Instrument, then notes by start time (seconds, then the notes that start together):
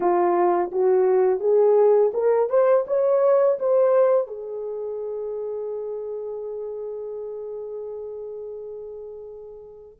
horn
0.00 F4
0.71 F#4
1.40 G#4
2.13 A#4
2.49 C5
2.87 C#5
3.59 C5
4.27 G#4